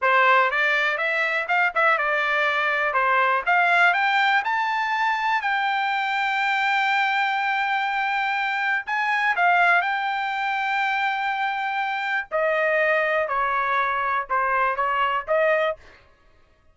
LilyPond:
\new Staff \with { instrumentName = "trumpet" } { \time 4/4 \tempo 4 = 122 c''4 d''4 e''4 f''8 e''8 | d''2 c''4 f''4 | g''4 a''2 g''4~ | g''1~ |
g''2 gis''4 f''4 | g''1~ | g''4 dis''2 cis''4~ | cis''4 c''4 cis''4 dis''4 | }